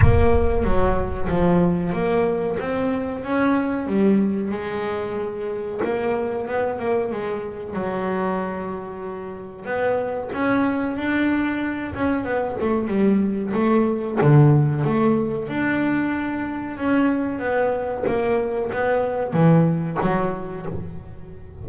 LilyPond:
\new Staff \with { instrumentName = "double bass" } { \time 4/4 \tempo 4 = 93 ais4 fis4 f4 ais4 | c'4 cis'4 g4 gis4~ | gis4 ais4 b8 ais8 gis4 | fis2. b4 |
cis'4 d'4. cis'8 b8 a8 | g4 a4 d4 a4 | d'2 cis'4 b4 | ais4 b4 e4 fis4 | }